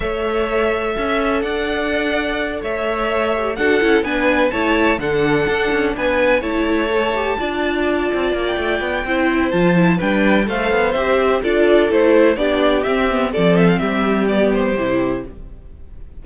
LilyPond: <<
  \new Staff \with { instrumentName = "violin" } { \time 4/4 \tempo 4 = 126 e''2. fis''4~ | fis''4. e''2 fis''8~ | fis''8 gis''4 a''4 fis''4.~ | fis''8 gis''4 a''2~ a''8~ |
a''4.~ a''16 g''2~ g''16 | a''4 g''4 f''4 e''4 | d''4 c''4 d''4 e''4 | d''8 e''16 f''16 e''4 d''8 c''4. | }
  \new Staff \with { instrumentName = "violin" } { \time 4/4 cis''2 e''4 d''4~ | d''4. cis''2 a'8~ | a'8 b'4 cis''4 a'4.~ | a'8 b'4 cis''2 d''8~ |
d''2. c''4~ | c''4 b'4 c''2 | a'2 g'2 | a'4 g'2. | }
  \new Staff \with { instrumentName = "viola" } { \time 4/4 a'1~ | a'2. g'8 fis'8 | e'8 d'4 e'4 d'4.~ | d'4. e'4 a'8 g'8 f'8~ |
f'2. e'4 | f'8 e'8 d'4 a'4 g'4 | f'4 e'4 d'4 c'8 b8 | c'2 b4 e'4 | }
  \new Staff \with { instrumentName = "cello" } { \time 4/4 a2 cis'4 d'4~ | d'4. a2 d'8 | cis'8 b4 a4 d4 d'8 | cis'8 b4 a2 d'8~ |
d'4 c'8 ais8 a8 b8 c'4 | f4 g4 a8 b8 c'4 | d'4 a4 b4 c'4 | f4 g2 c4 | }
>>